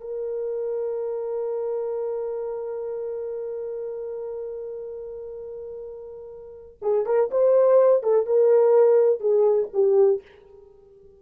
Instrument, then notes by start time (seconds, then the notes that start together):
horn
0.00 A#4
6.82 G#4
7.06 A#4
7.31 C5
8.03 A4
8.26 A#4
9.20 G#4
9.73 G4